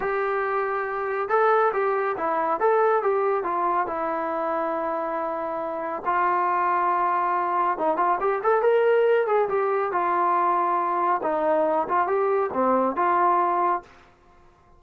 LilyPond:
\new Staff \with { instrumentName = "trombone" } { \time 4/4 \tempo 4 = 139 g'2. a'4 | g'4 e'4 a'4 g'4 | f'4 e'2.~ | e'2 f'2~ |
f'2 dis'8 f'8 g'8 a'8 | ais'4. gis'8 g'4 f'4~ | f'2 dis'4. f'8 | g'4 c'4 f'2 | }